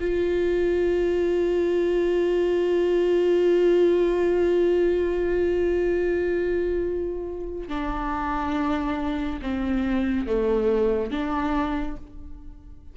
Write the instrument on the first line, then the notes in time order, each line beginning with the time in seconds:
viola
0.00 F4
7.68 D4
9.42 C4
10.26 A3
11.11 D4